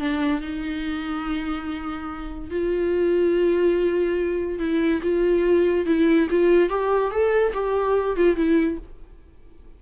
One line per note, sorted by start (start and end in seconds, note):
0.00 0.42 D4
0.42 2.51 D#4
2.51 4.60 F4
4.60 5.02 E4
5.03 5.86 F4
5.86 6.28 E4
6.31 6.70 F4
6.70 7.11 G4
7.11 7.53 A4
7.54 8.17 G4
8.17 8.36 F4
8.36 8.78 E4